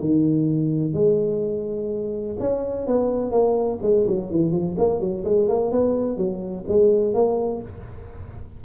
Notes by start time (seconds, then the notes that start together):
0.00 D#3
0.94 G#3
2.40 C#4
2.87 B3
3.31 A#3
3.82 G#3
4.07 F#3
4.31 E3
4.52 F3
4.78 A#3
5.00 F#3
5.24 G#3
5.48 A#3
5.71 B3
6.17 F#3
6.68 G#3
7.14 A#3